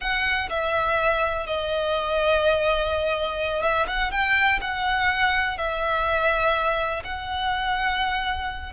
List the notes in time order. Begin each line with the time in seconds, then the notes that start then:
0.00 F#5
0.49 E5
1.46 D#5
3.62 E5
3.87 F#5
4.11 G5
4.61 F#5
5.57 E5
7.04 F#5